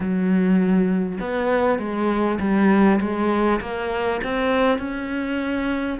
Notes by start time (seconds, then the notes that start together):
0.00 F#3
1.20 B3
1.78 G#3
2.39 G3
3.00 G#3
3.61 A#3
4.23 C4
4.78 C#4